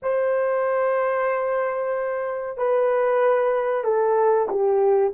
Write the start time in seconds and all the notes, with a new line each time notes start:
0.02 C5
2.57 B4
3.84 A4
4.49 G4